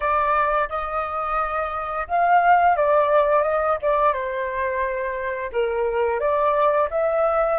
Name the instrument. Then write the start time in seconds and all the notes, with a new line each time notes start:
flute
0.00 D5
0.69 D#5
2.07 F5
2.76 D5
3.42 D#5
3.82 D5
4.13 C5
5.52 A#4
6.19 D5
6.90 E5